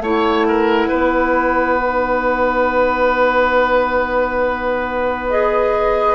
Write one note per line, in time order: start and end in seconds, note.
0.00 0.88 A3
0.00 1.79 E4
0.00 0.47 C#5
0.00 5.30 F#5
0.48 0.88 A#4
0.88 6.15 B3
0.88 6.15 B4
1.79 5.31 D#4
5.30 6.15 G#4
5.30 6.15 D#5